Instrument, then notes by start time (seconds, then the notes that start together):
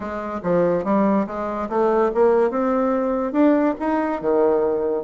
bassoon
0.00 G#3
0.43 F3
0.84 G3
1.26 G#3
1.69 A3
2.14 A#3
2.50 C4
3.32 D4
3.79 D#4
4.21 D#3